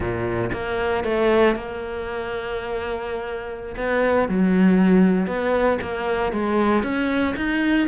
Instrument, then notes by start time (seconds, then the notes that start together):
cello
0.00 A#2
0.52 A#3
1.04 A3
1.55 A#3
3.76 B3
4.28 F#3
5.26 B3
5.81 A#3
6.32 G#3
6.83 C#4
7.36 D#4